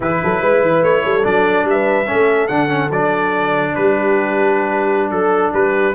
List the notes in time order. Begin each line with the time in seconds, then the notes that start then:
0.00 E3 E4 G#4 B4
0.23 F#3 A4
0.41 G#3 B4
0.61 E3
0.82 A3 C#5
1.03 G3 A4
1.22 F#3 D4 D5
1.63 G3 E5
1.70 B4
2.06 C#4 A4
2.13 A3
2.47 D3 D4 F#5
2.68 C#4
2.90 F#3 D4 D5
3.75 G3 G4 B4
5.10 F#3 A4
5.53 G3 G4 B4